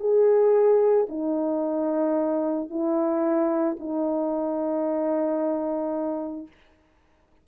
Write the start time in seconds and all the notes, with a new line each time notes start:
0.00 G#4
1.09 D#4
2.70 E4
3.80 D#4